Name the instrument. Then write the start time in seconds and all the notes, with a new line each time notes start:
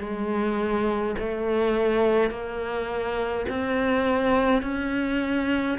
cello
0.00 G#3
1.19 A3
2.31 A#3
3.49 C4
4.63 C#4